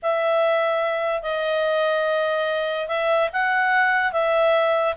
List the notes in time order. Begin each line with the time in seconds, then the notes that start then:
0.02 E5
1.22 D#5
2.88 E5
3.32 F#5
4.12 E5